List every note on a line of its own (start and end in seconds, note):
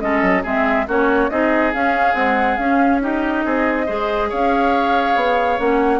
0.00 0.22 G#3
0.00 0.44 C#4
0.00 0.43 A4
0.00 0.43 D#5
0.22 0.43 F#3
0.43 0.88 G#3
0.43 0.87 C4
0.43 0.86 G#4
0.43 0.88 E5
0.88 1.31 A#3
0.88 1.30 C#4
0.88 1.30 F#4
0.88 1.29 C#5
1.29 1.74 C4
1.29 1.73 D#4
1.29 3.03 G#4
1.29 1.72 D#5
1.74 2.15 C#4
1.74 2.14 C#4
1.74 2.15 F5
2.14 2.58 G#3
2.14 2.57 C4
2.14 2.57 F#5
2.57 3.45 C#4
2.57 3.01 C#4
2.57 3.00 F5
3.01 3.87 D#4
3.01 3.45 G4
3.01 4.31 D#5
3.45 3.88 C4
3.45 3.86 G#4
3.86 4.32 G#3
3.86 5.59 G#4
3.86 4.29 C5
4.29 5.16 C#4
4.29 6.00 C#5
4.29 5.60 F5
5.16 5.59 B3
5.59 6.00 A#3
5.59 6.00 C#4
5.59 6.00 F#5